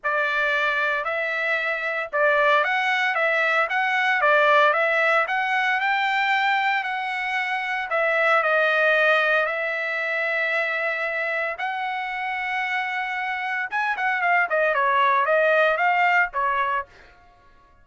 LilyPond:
\new Staff \with { instrumentName = "trumpet" } { \time 4/4 \tempo 4 = 114 d''2 e''2 | d''4 fis''4 e''4 fis''4 | d''4 e''4 fis''4 g''4~ | g''4 fis''2 e''4 |
dis''2 e''2~ | e''2 fis''2~ | fis''2 gis''8 fis''8 f''8 dis''8 | cis''4 dis''4 f''4 cis''4 | }